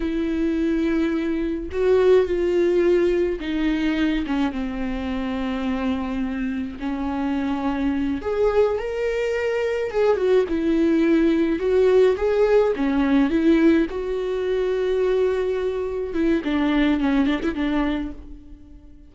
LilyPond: \new Staff \with { instrumentName = "viola" } { \time 4/4 \tempo 4 = 106 e'2. fis'4 | f'2 dis'4. cis'8 | c'1 | cis'2~ cis'8 gis'4 ais'8~ |
ais'4. gis'8 fis'8 e'4.~ | e'8 fis'4 gis'4 cis'4 e'8~ | e'8 fis'2.~ fis'8~ | fis'8 e'8 d'4 cis'8 d'16 e'16 d'4 | }